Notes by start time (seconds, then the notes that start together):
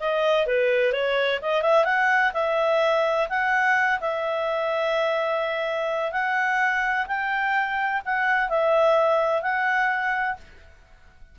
0.00 D#5
0.46 B4
0.93 C#5
1.42 D#5
1.62 E5
1.85 F#5
2.34 E5
3.29 F#5
4.01 E5
6.12 F#5
7.07 G5
8.05 F#5
8.49 E5
9.42 F#5